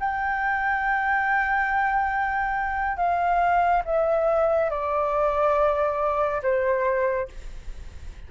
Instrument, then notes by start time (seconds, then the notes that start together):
flute
0.00 G5
2.97 F5
3.85 E5
4.71 D5
6.43 C5